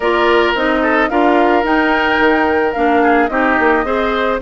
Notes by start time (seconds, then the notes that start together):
0.00 A#3 F4 A#4 D5
0.54 C4 D#4 D#5
0.81 A4
1.09 D4 F4 A#4 F5
1.63 D#4 G5
2.19 D#3
2.72 A#3 D4 F5
3.02 G#4
3.27 C4 D#4 G4 D#5
3.59 A#3
3.84 C4 G#4 C5